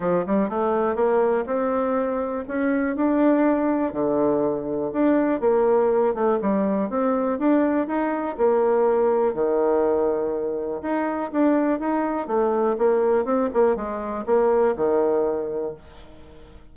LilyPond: \new Staff \with { instrumentName = "bassoon" } { \time 4/4 \tempo 4 = 122 f8 g8 a4 ais4 c'4~ | c'4 cis'4 d'2 | d2 d'4 ais4~ | ais8 a8 g4 c'4 d'4 |
dis'4 ais2 dis4~ | dis2 dis'4 d'4 | dis'4 a4 ais4 c'8 ais8 | gis4 ais4 dis2 | }